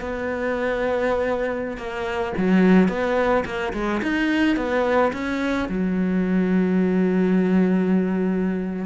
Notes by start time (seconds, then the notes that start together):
0.00 B3
1.77 A#3
2.37 F#3
2.88 B3
3.45 A#3
3.73 G#3
4.02 D#4
4.56 B3
5.13 C#4
5.69 F#3